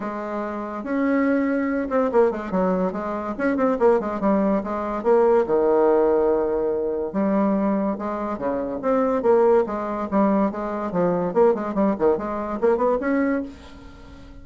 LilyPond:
\new Staff \with { instrumentName = "bassoon" } { \time 4/4 \tempo 4 = 143 gis2 cis'2~ | cis'8 c'8 ais8 gis8 fis4 gis4 | cis'8 c'8 ais8 gis8 g4 gis4 | ais4 dis2.~ |
dis4 g2 gis4 | cis4 c'4 ais4 gis4 | g4 gis4 f4 ais8 gis8 | g8 dis8 gis4 ais8 b8 cis'4 | }